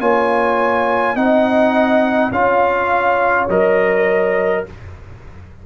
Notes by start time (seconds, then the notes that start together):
0.00 A#3 F4 C#5 G#5
1.15 C4 D#4 D#5 F#5
2.31 C#4 F4 C#5 F5
3.50 F#3 A#4 D#5